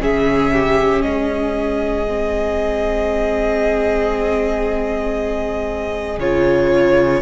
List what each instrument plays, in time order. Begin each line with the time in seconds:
0.00 cello C#3, viola C#4, violin G#4 E5
0.53 violin G4
1.02 cello G#3, violin G#4 D#5
2.08 viola C4
6.19 cello C#3, viola F4, violin C#5